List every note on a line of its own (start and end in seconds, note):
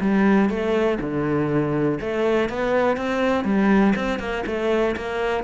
0.00 0.49 G3
0.49 0.98 A3
1.00 1.99 D3
2.01 2.49 A3
2.49 2.96 B3
2.96 3.44 C4
3.44 3.93 G3
3.95 4.19 C4
4.19 4.44 A#3
4.46 4.95 A3
4.96 5.43 A#3